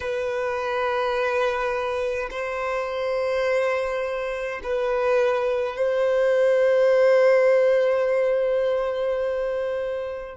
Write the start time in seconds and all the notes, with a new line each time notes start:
0.00 B4
2.30 C5
4.63 B4
5.76 C5